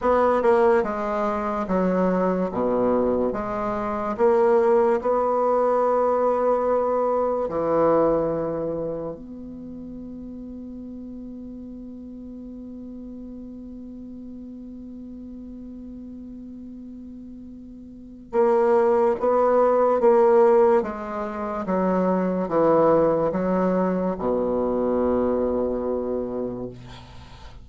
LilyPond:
\new Staff \with { instrumentName = "bassoon" } { \time 4/4 \tempo 4 = 72 b8 ais8 gis4 fis4 b,4 | gis4 ais4 b2~ | b4 e2 b4~ | b1~ |
b1~ | b2 ais4 b4 | ais4 gis4 fis4 e4 | fis4 b,2. | }